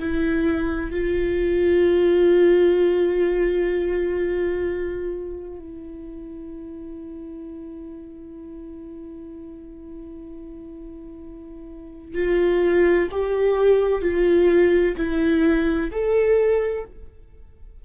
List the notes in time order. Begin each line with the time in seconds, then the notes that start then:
0.00 E4
0.92 F4
5.59 E4
12.15 F4
13.12 G4
14.02 F4
14.97 E4
15.92 A4